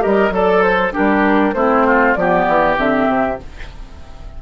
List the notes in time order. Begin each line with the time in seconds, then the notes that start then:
0.00 G3 G4 A#4 D#5
0.31 F#3 A4 D5
0.62 C5
0.93 G3 D4 G4 A#4
1.54 A3 C4 E4 C5
1.87 F4
2.15 F3 B3 G4 D5
2.48 E3
2.77 D3 C4 E5
3.08 C3